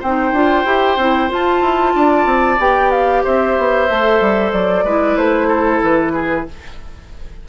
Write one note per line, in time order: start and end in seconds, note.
0.00 0.32 C4
0.00 0.34 D#4
0.00 1.94 C5
0.00 1.31 G5
0.32 0.65 D4
0.32 0.66 F4
0.65 0.97 E4
0.65 0.98 G4
0.97 1.29 C4
0.97 1.29 E4
1.29 2.58 F4
1.29 1.62 F4
1.29 2.61 A5
1.62 1.94 E4
1.95 2.26 D4
1.95 3.24 D5
2.26 2.58 C4
2.58 3.23 B3
2.58 3.88 G4
2.58 2.91 G5
2.91 3.23 F5
3.24 3.58 C4
3.24 4.85 C5
3.24 4.53 E5
3.58 3.90 B3
3.90 4.21 A3
3.90 4.87 A4
4.21 4.53 G3
4.53 4.84 F#3
4.53 5.17 D5
4.84 5.17 G#3
4.84 6.48 E4
4.84 5.48 B4
5.17 5.81 A3
5.17 5.82 C5
5.48 6.12 A4
5.83 6.47 E3
5.83 6.49 B4
6.13 6.46 G#4